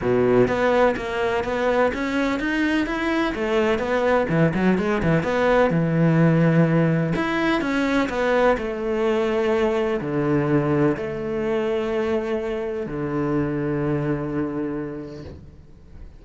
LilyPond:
\new Staff \with { instrumentName = "cello" } { \time 4/4 \tempo 4 = 126 b,4 b4 ais4 b4 | cis'4 dis'4 e'4 a4 | b4 e8 fis8 gis8 e8 b4 | e2. e'4 |
cis'4 b4 a2~ | a4 d2 a4~ | a2. d4~ | d1 | }